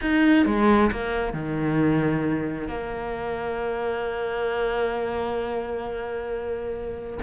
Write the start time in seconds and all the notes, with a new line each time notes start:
0.01 D#4
0.45 G#3
0.91 A#3
1.33 D#3
2.68 A#3